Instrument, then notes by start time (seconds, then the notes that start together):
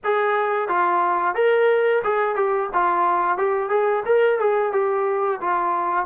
trombone
0.03 G#4
0.68 F4
1.35 A#4
2.03 G#4
2.35 G4
2.73 F4
3.37 G4
3.69 G#4
4.05 A#4
4.39 G#4
4.72 G4
5.40 F4